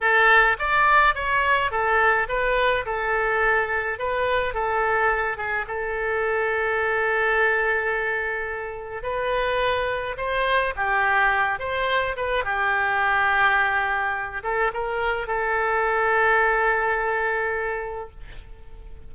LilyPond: \new Staff \with { instrumentName = "oboe" } { \time 4/4 \tempo 4 = 106 a'4 d''4 cis''4 a'4 | b'4 a'2 b'4 | a'4. gis'8 a'2~ | a'1 |
b'2 c''4 g'4~ | g'8 c''4 b'8 g'2~ | g'4. a'8 ais'4 a'4~ | a'1 | }